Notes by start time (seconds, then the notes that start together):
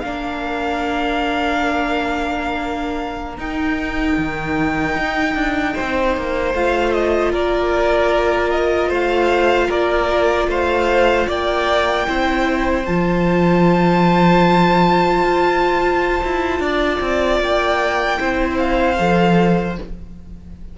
0.00 A#3 D4 A#4 F5
3.38 D#4 G5
4.18 D#3
4.96 D#4
5.35 D4
5.74 C5
5.81 C4
6.17 A#3
6.54 A3 F4 F5
6.93 D#5
7.32 A#3 A#4 D5
8.51 D#5
8.89 A3 C5 F5
9.69 A#3 A#4 D5
10.48 A3 C5 F5
11.27 A#3 D5 G5
12.07 C4 E4 C5
12.86 F3 F4 A5
15.24 F4
16.24 E4
16.60 D4 D5
17.01 C4
17.40 A#3 G5
18.17 C4 E4 C5
18.58 F5
18.97 F3 A4